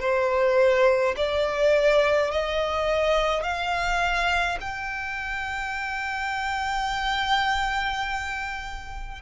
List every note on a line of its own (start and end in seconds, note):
0.00 1.15 C5
1.16 2.31 D5
2.31 3.43 D#5
3.43 4.58 F5
4.61 9.22 G5